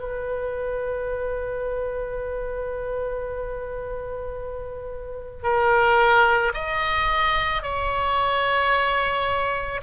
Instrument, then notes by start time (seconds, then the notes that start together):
oboe
0.00 B4
5.43 A#4
6.55 D#5
7.63 C#5